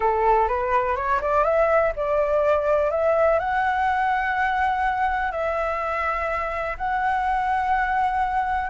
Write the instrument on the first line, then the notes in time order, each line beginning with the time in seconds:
flute
0.00 A4
0.48 B4
0.96 C#5
1.21 D5
1.44 E5
1.96 D5
2.90 E5
3.39 F#5
5.31 E5
6.77 F#5